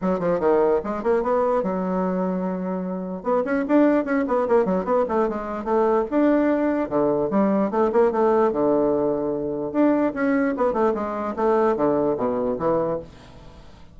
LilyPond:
\new Staff \with { instrumentName = "bassoon" } { \time 4/4 \tempo 4 = 148 fis8 f8 dis4 gis8 ais8 b4 | fis1 | b8 cis'8 d'4 cis'8 b8 ais8 fis8 | b8 a8 gis4 a4 d'4~ |
d'4 d4 g4 a8 ais8 | a4 d2. | d'4 cis'4 b8 a8 gis4 | a4 d4 b,4 e4 | }